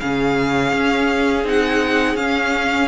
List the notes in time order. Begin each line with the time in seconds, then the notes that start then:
0.00 C#3 C#4 G#4 F5
0.72 C#4
1.43 C4 D#4 F#5
2.15 C#4 F5